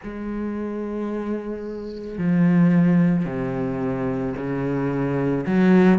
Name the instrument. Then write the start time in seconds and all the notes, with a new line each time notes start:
cello
0.03 G#3
2.18 F3
3.25 C3
4.36 C#3
5.46 F#3